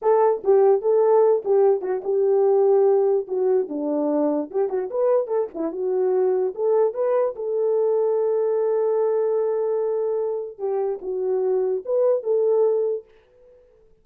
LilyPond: \new Staff \with { instrumentName = "horn" } { \time 4/4 \tempo 4 = 147 a'4 g'4 a'4. g'8~ | g'8 fis'8 g'2. | fis'4 d'2 g'8 fis'8 | b'4 a'8 e'8 fis'2 |
a'4 b'4 a'2~ | a'1~ | a'2 g'4 fis'4~ | fis'4 b'4 a'2 | }